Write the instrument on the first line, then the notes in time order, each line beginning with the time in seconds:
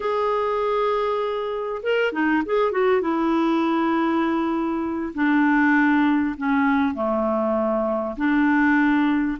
clarinet
0.00 G#4
1.82 A#4
2.12 D#4
2.45 G#4
2.71 F#4
3.01 E4
5.14 D4
6.37 C#4
6.94 A3
8.16 D4